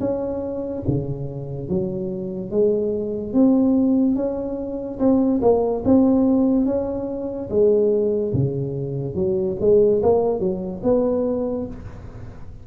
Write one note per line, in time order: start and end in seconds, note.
0.00 0.83 C#4
0.88 1.69 C#3
1.69 2.51 F#3
2.51 3.33 G#3
3.33 4.16 C4
4.16 4.99 C#4
4.99 5.41 C4
5.42 5.83 A#3
5.85 6.66 C4
6.66 7.49 C#4
7.50 8.33 G#3
8.33 9.15 C#3
9.15 9.56 F#3
9.61 10.02 G#3
10.03 10.40 A#3
10.40 10.81 F#3
10.83 11.67 B3